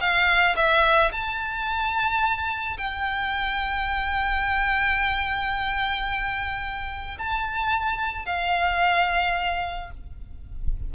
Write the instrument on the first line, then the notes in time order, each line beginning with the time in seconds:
violin
0.00 F5
0.56 E5
1.12 A5
2.77 G5
7.18 A5
8.25 F5